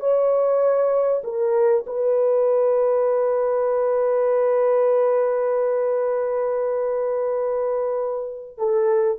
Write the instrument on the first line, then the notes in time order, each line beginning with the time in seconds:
horn
0.00 C#5
1.24 A#4
1.87 B4
8.58 A4